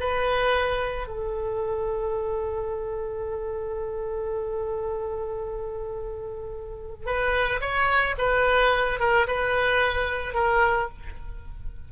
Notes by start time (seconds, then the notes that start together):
0.00 B4
1.07 A4
7.06 B4
7.61 C#5
8.18 B4
9.00 A#4
9.27 B4
10.34 A#4